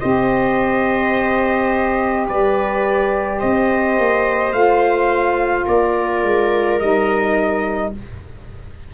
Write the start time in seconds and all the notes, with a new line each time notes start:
0.00 C4 G4 C5 D#5
2.28 G3 B4 D5
3.38 C4 C5 D#5
3.98 A#3
4.52 A3 F4 F5
5.65 A#3 A#4 D5
6.23 G#3
6.80 G3 D#4 D#5